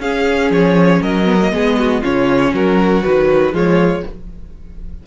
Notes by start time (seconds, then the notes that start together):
0.00 C#4 G#4 F5
0.51 F3 C#5
1.02 F#3 A#4 D#5
1.26 B3
1.42 A#3
1.53 G#3 B3 G#4
1.80 F#4
2.01 C#3 C#4 F4 C#5
2.53 F#3 F#4 A#4
3.04 D#3 F#3 B4
3.53 F3 G#3 F4 C#5